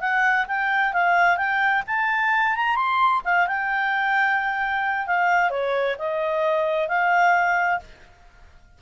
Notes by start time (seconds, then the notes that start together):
0.00 F#5
0.47 G5
0.93 F5
1.37 G5
1.87 A5
2.56 A#5
2.76 C6
3.24 F5
3.47 G5
5.06 F5
5.50 C#5
5.99 D#5
6.88 F5